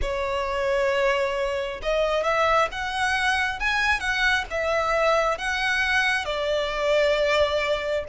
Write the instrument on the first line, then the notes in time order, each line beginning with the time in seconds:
violin
0.01 C#5
1.82 D#5
2.23 E5
2.71 F#5
3.59 G#5
4.00 F#5
4.50 E5
5.38 F#5
6.25 D5